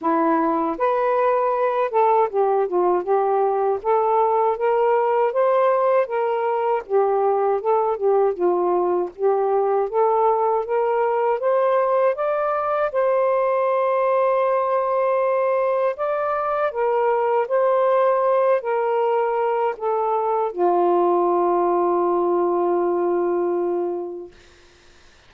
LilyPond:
\new Staff \with { instrumentName = "saxophone" } { \time 4/4 \tempo 4 = 79 e'4 b'4. a'8 g'8 f'8 | g'4 a'4 ais'4 c''4 | ais'4 g'4 a'8 g'8 f'4 | g'4 a'4 ais'4 c''4 |
d''4 c''2.~ | c''4 d''4 ais'4 c''4~ | c''8 ais'4. a'4 f'4~ | f'1 | }